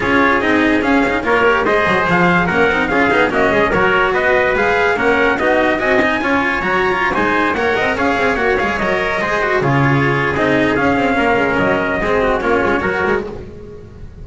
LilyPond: <<
  \new Staff \with { instrumentName = "trumpet" } { \time 4/4 \tempo 4 = 145 cis''4 dis''4 f''4 cis''4 | dis''4 f''4 fis''4 f''4 | dis''4 cis''4 dis''4 f''4 | fis''4 dis''4 gis''2 |
ais''4~ ais''16 gis''4 fis''4 f''8.~ | f''16 fis''8 f''8 dis''2 cis''8.~ | cis''4 dis''4 f''2 | dis''2 cis''2 | }
  \new Staff \with { instrumentName = "trumpet" } { \time 4/4 gis'2. ais'4 | c''2 ais'4 gis'4 | fis'8 gis'8 ais'4 b'2 | ais'4 fis'4 dis''4 cis''4~ |
cis''4~ cis''16 c''4 cis''8 dis''8 cis''8.~ | cis''2~ cis''16 c''4 gis'8.~ | gis'2. ais'4~ | ais'4 gis'8 fis'8 f'4 ais'4 | }
  \new Staff \with { instrumentName = "cello" } { \time 4/4 f'4 dis'4 cis'8 dis'8 f'8 g'8 | gis'2 cis'8 dis'8 f'8 dis'8 | cis'4 fis'2 gis'4 | cis'4 dis'4 fis'8 dis'8 f'4 |
fis'8. f'8 dis'4 ais'4 gis'8.~ | gis'16 fis'8 gis'8 ais'4 gis'8 fis'8 f'8.~ | f'4 dis'4 cis'2~ | cis'4 c'4 cis'4 fis'4 | }
  \new Staff \with { instrumentName = "double bass" } { \time 4/4 cis'4 c'4 cis'4 ais4 | gis8 fis8 f4 ais8 c'8 cis'8 b8 | ais8 gis8 fis4 b4 gis4 | ais4 b4 c'4 cis'4 |
fis4~ fis16 gis4 ais8 c'8 cis'8 c'16~ | c'16 ais8 gis8 fis4 gis4 cis8.~ | cis4 c'4 cis'8 c'8 ais8 gis8 | fis4 gis4 ais8 gis8 fis8 gis8 | }
>>